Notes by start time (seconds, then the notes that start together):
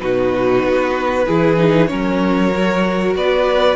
0.00 B2 D#4 F#4 B4
0.64 B3
1.27 E3 E4 G#4
1.57 D#4
1.88 F#3 C#4 A#4 C#5
2.56 F#4
3.16 B3 B4 D5